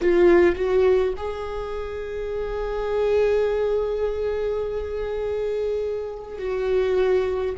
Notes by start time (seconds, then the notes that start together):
0.01 F4
0.55 F#4
1.16 G#4
6.38 F#4